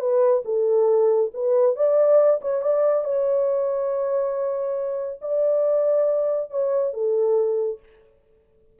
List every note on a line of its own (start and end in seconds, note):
0.00 0.43 B4
0.45 1.32 A4
1.34 1.76 B4
1.76 2.41 D5
2.42 2.62 C#5
2.62 3.05 D5
3.05 5.20 C#5
5.22 6.51 D5
6.51 6.94 C#5
6.94 7.80 A4